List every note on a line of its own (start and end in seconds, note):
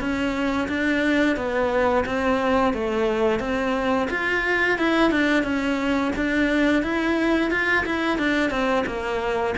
0.00 0.68 C#4
0.68 1.36 D4
1.36 2.05 B3
2.06 2.74 C4
2.74 3.40 A3
3.40 4.08 C4
4.11 4.79 F4
4.79 5.11 E4
5.11 5.44 D4
5.44 6.12 C#4
6.16 6.83 D4
6.83 7.51 E4
7.51 7.85 F4
7.86 8.18 E4
8.18 8.50 D4
8.50 8.85 C4
8.86 9.55 A#3